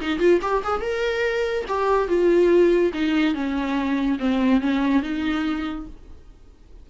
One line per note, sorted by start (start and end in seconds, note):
0.00 0.19 D#4
0.19 0.40 F4
0.41 0.62 G4
0.63 0.80 G#4
0.80 1.64 A#4
1.67 2.08 G4
2.08 2.92 F4
2.93 3.34 D#4
3.34 4.18 C#4
4.19 4.60 C4
4.60 5.02 C#4
5.02 5.86 D#4